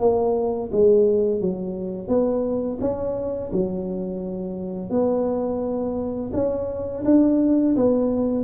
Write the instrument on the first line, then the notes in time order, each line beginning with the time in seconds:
tuba
0.00 A#3
0.73 G#3
1.41 F#3
2.08 B3
2.81 C#4
3.52 F#3
4.90 B3
6.34 C#4
7.05 D4
7.76 B3